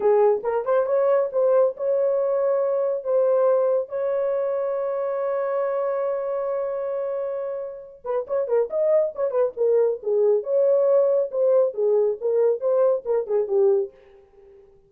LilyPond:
\new Staff \with { instrumentName = "horn" } { \time 4/4 \tempo 4 = 138 gis'4 ais'8 c''8 cis''4 c''4 | cis''2. c''4~ | c''4 cis''2.~ | cis''1~ |
cis''2~ cis''8 b'8 cis''8 ais'8 | dis''4 cis''8 b'8 ais'4 gis'4 | cis''2 c''4 gis'4 | ais'4 c''4 ais'8 gis'8 g'4 | }